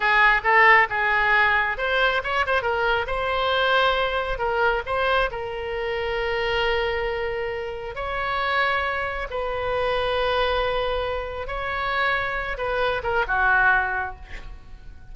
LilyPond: \new Staff \with { instrumentName = "oboe" } { \time 4/4 \tempo 4 = 136 gis'4 a'4 gis'2 | c''4 cis''8 c''8 ais'4 c''4~ | c''2 ais'4 c''4 | ais'1~ |
ais'2 cis''2~ | cis''4 b'2.~ | b'2 cis''2~ | cis''8 b'4 ais'8 fis'2 | }